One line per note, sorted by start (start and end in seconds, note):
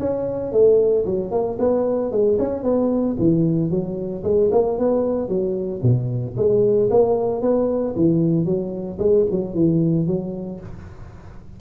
0.00 0.52 C#4
0.52 1.05 A3
1.06 1.32 F#3
1.32 1.58 A#3
1.59 2.12 B3
2.12 2.38 G#3
2.39 2.64 C#4
2.64 3.17 B3
3.19 3.71 E3
3.71 4.24 F#3
4.24 4.51 G#3
4.52 4.79 A#3
4.79 5.29 B3
5.29 5.82 F#3
5.83 6.36 B2
6.37 6.90 G#3
6.91 7.42 A#3
7.42 7.95 B3
7.96 8.45 E3
8.45 8.99 F#3
8.99 9.26 G#3
9.31 9.55 F#3
9.55 10.07 E3
10.07 10.60 F#3